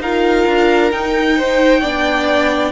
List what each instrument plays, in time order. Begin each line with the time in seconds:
0.00 cello D#4, viola F4, violin A#4 F5
0.47 cello D4
0.92 viola D#4, cello D#4, violin G5
1.38 violin C5
1.81 cello B3, viola D4, violin D5